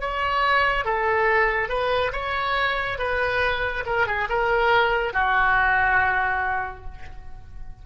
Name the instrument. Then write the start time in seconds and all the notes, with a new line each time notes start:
oboe
0.00 C#5
0.85 A4
1.68 B4
2.12 C#5
2.98 B4
3.86 A#4
4.06 G#4
4.29 A#4
5.13 F#4